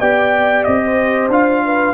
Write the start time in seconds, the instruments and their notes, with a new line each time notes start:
0.00 tuba B3, trombone G4, horn D5, trumpet G5
0.63 tuba C4, trumpet D#5
0.83 horn C5
1.28 tuba D4, trombone F4, trumpet F5
1.65 horn B4